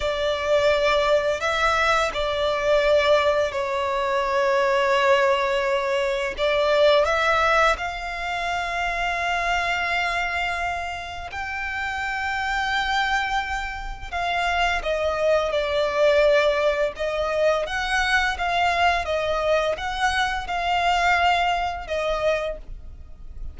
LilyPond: \new Staff \with { instrumentName = "violin" } { \time 4/4 \tempo 4 = 85 d''2 e''4 d''4~ | d''4 cis''2.~ | cis''4 d''4 e''4 f''4~ | f''1 |
g''1 | f''4 dis''4 d''2 | dis''4 fis''4 f''4 dis''4 | fis''4 f''2 dis''4 | }